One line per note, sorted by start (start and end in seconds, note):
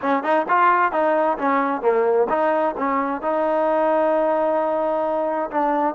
0.01 0.23 C#4
0.23 0.46 D#4
0.48 0.92 F4
0.92 1.37 D#4
1.37 1.81 C#4
1.81 2.27 A#3
2.29 2.75 D#4
2.77 3.21 C#4
3.21 5.50 D#4
5.50 5.94 D4